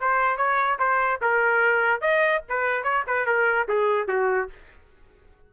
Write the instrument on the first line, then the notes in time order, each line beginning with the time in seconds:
trumpet
0.00 C5
0.37 C#5
0.79 C5
1.22 A#4
2.01 D#5
2.49 B4
2.83 C#5
3.07 B4
3.26 A#4
3.68 G#4
4.08 F#4